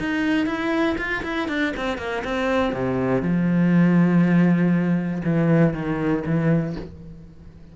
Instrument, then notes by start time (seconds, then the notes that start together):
cello
0.00 D#4
0.47 E4
0.98 F4
1.24 E4
1.49 D4
1.77 C4
1.98 A#3
2.25 C4
2.74 C3
3.22 F3
5.25 E3
5.74 D#3
6.26 E3